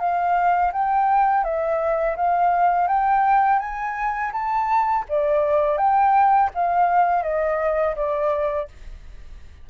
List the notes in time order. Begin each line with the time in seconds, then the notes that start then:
0.00 F5
0.73 G5
1.44 E5
2.17 F5
2.88 G5
3.60 G#5
4.33 A5
5.09 D5
5.78 G5
6.55 F5
7.24 D#5
7.96 D5